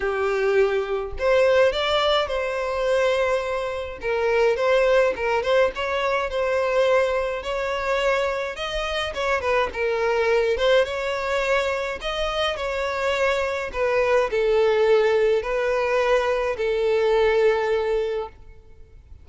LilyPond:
\new Staff \with { instrumentName = "violin" } { \time 4/4 \tempo 4 = 105 g'2 c''4 d''4 | c''2. ais'4 | c''4 ais'8 c''8 cis''4 c''4~ | c''4 cis''2 dis''4 |
cis''8 b'8 ais'4. c''8 cis''4~ | cis''4 dis''4 cis''2 | b'4 a'2 b'4~ | b'4 a'2. | }